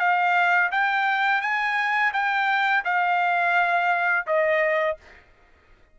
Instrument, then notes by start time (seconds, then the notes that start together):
trumpet
0.00 F5
0.72 G5
1.42 G#5
2.13 G5
2.85 F5
4.27 D#5